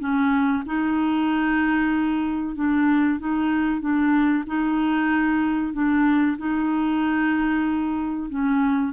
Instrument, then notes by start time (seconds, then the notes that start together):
clarinet
0.00 C#4
0.66 D#4
2.56 D4
3.20 D#4
3.81 D4
4.47 D#4
5.74 D4
6.38 D#4
8.30 C#4